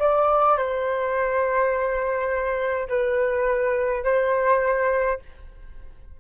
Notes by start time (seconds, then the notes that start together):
0.00 D5
0.58 C5
2.89 B4
4.04 C5